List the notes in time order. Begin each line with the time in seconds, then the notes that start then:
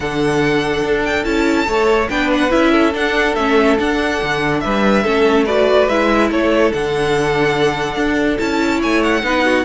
0.00 D3 D4 A4 F#5
0.84 D4
1.04 G5
1.24 C#4 E4 A5
1.66 A3 A4 C#5
2.09 B3 D4 B4 G5
2.33 F#5
2.50 C#4 E4 E5
2.71 A4
2.92 D4 F#5
3.35 A3 C#4 E5
3.77 D4 F#5
4.22 D3
4.60 G3 B4 E5
5.03 A3 C#4 A4
5.45 F#4 B4 D5
5.88 G#3 E4 E5
6.30 A3 A4 C#5
6.72 D3 D4 F#5
7.96 D4
8.38 C#4 E4 A5
8.79 A3 C#5 G#5
9.02 F#5
9.23 B3 D#4 B4
9.45 F#4